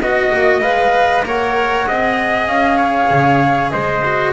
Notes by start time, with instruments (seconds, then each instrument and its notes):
0.00 double bass B3, cello F#4, flute D#5, trumpet D#5
0.33 double bass A#3
0.61 double bass G#3, cello B4, flute F5
1.24 double bass A#3, cello A#4, trumpet C#5, flute F#5
1.86 double bass C4, cello G#4, trumpet D#5
2.47 double bass C#4, flute F5
2.78 trumpet C#5
3.10 double bass C#3
3.70 double bass G#3, trumpet C5, flute D#5
4.05 cello F#4